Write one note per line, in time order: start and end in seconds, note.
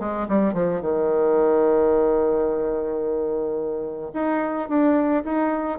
0.00 0.28 G#3
0.29 0.54 G3
0.54 0.82 F3
0.82 4.12 D#3
4.14 4.69 D#4
4.69 5.24 D4
5.24 5.79 D#4